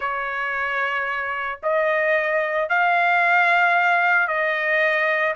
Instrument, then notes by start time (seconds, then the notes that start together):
trumpet
0.00 C#5
1.62 D#5
2.69 F5
4.27 D#5